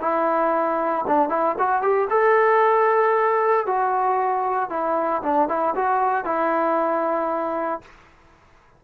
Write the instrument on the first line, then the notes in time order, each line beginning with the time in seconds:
trombone
0.00 E4
1.07 D4
1.29 E4
1.58 F#4
1.82 G4
2.10 A4
3.66 F#4
4.70 E4
5.22 D4
5.48 E4
5.75 F#4
6.25 E4